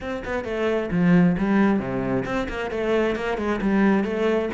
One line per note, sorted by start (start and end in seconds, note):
0.00 0.23 C4
0.24 0.44 B3
0.44 0.89 A3
0.91 1.36 F3
1.37 1.79 G3
1.79 2.24 C3
2.25 2.47 C4
2.49 2.71 A#3
2.71 3.15 A3
3.15 3.37 A#3
3.37 3.60 G#3
3.61 4.04 G3
4.04 4.49 A3